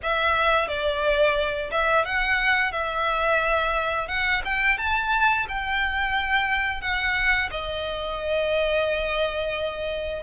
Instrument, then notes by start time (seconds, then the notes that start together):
violin
0.02 E5
0.68 D5
1.71 E5
2.05 F#5
2.71 E5
4.08 F#5
4.44 G5
4.78 A5
5.48 G5
6.81 F#5
7.51 D#5